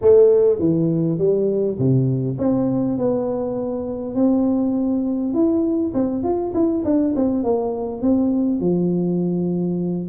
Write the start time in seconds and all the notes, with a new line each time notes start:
0.01 A3
0.59 E3
1.18 G3
1.78 C3
2.38 C4
2.98 B3
4.14 C4
5.33 E4
5.94 C4
6.23 F4
6.53 E4
6.84 D4
7.15 C4
7.43 A#3
8.01 C4
8.60 F3